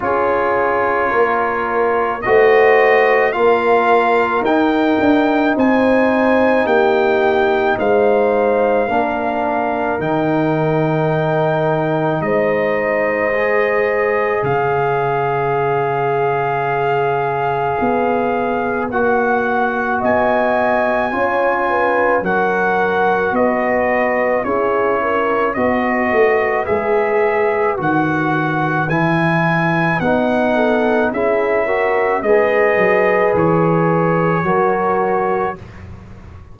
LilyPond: <<
  \new Staff \with { instrumentName = "trumpet" } { \time 4/4 \tempo 4 = 54 cis''2 dis''4 f''4 | g''4 gis''4 g''4 f''4~ | f''4 g''2 dis''4~ | dis''4 f''2.~ |
f''4 fis''4 gis''2 | fis''4 dis''4 cis''4 dis''4 | e''4 fis''4 gis''4 fis''4 | e''4 dis''4 cis''2 | }
  \new Staff \with { instrumentName = "horn" } { \time 4/4 gis'4 ais'4 c''4 ais'4~ | ais'4 c''4 g'4 c''4 | ais'2. c''4~ | c''4 cis''2.~ |
cis''2 dis''4 cis''8 b'8 | ais'4 b'4 gis'8 ais'8 b'4~ | b'2.~ b'8 a'8 | gis'8 ais'8 b'2 ais'4 | }
  \new Staff \with { instrumentName = "trombone" } { \time 4/4 f'2 fis'4 f'4 | dis'1 | d'4 dis'2. | gis'1~ |
gis'4 fis'2 f'4 | fis'2 e'4 fis'4 | gis'4 fis'4 e'4 dis'4 | e'8 fis'8 gis'2 fis'4 | }
  \new Staff \with { instrumentName = "tuba" } { \time 4/4 cis'4 ais4 a4 ais4 | dis'8 d'8 c'4 ais4 gis4 | ais4 dis2 gis4~ | gis4 cis2. |
b4 ais4 b4 cis'4 | fis4 b4 cis'4 b8 a8 | gis4 dis4 e4 b4 | cis'4 gis8 fis8 e4 fis4 | }
>>